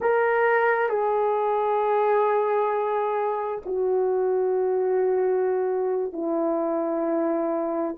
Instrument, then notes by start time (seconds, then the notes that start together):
horn
0.00 A#4
0.88 G#4
3.65 F#4
6.12 E4